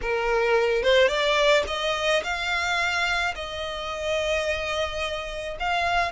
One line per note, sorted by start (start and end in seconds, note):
0.02 0.82 A#4
0.82 1.07 C5
1.07 1.63 D5
1.67 2.22 D#5
2.23 3.34 F5
3.35 5.57 D#5
5.59 6.11 F5